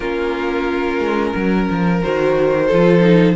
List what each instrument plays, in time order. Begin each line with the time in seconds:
0.00 cello A#3, viola C#4, violin F4 A#4
0.99 cello G#3
1.35 cello F#3, violin A#4
1.70 cello F3
2.02 cello D#3, viola F#4, violin C5
2.66 cello F3, violin A4
2.73 viola F4
3.01 viola D#4